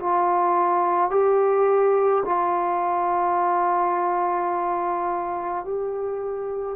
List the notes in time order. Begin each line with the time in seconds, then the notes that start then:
0.00 F4
1.11 G4
2.26 F4
5.65 G4